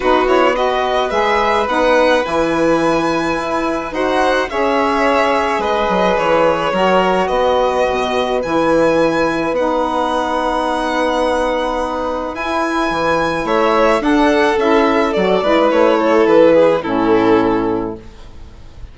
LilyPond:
<<
  \new Staff \with { instrumentName = "violin" } { \time 4/4 \tempo 4 = 107 b'8 cis''8 dis''4 e''4 fis''4 | gis''2. fis''4 | e''2 dis''4 cis''4~ | cis''4 dis''2 gis''4~ |
gis''4 fis''2.~ | fis''2 gis''2 | e''4 fis''4 e''4 d''4 | cis''4 b'4 a'2 | }
  \new Staff \with { instrumentName = "violin" } { \time 4/4 fis'4 b'2.~ | b'2. c''4 | cis''2 b'2 | ais'4 b'2.~ |
b'1~ | b'1 | cis''4 a'2~ a'8 b'8~ | b'8 a'4 gis'8 e'2 | }
  \new Staff \with { instrumentName = "saxophone" } { \time 4/4 dis'8 e'8 fis'4 gis'4 dis'4 | e'2. fis'4 | gis'1 | fis'2. e'4~ |
e'4 dis'2.~ | dis'2 e'2~ | e'4 d'4 e'4 fis'8 e'8~ | e'2 cis'2 | }
  \new Staff \with { instrumentName = "bassoon" } { \time 4/4 b2 gis4 b4 | e2 e'4 dis'4 | cis'2 gis8 fis8 e4 | fis4 b4 b,4 e4~ |
e4 b2.~ | b2 e'4 e4 | a4 d'4 cis'4 fis8 gis8 | a4 e4 a,2 | }
>>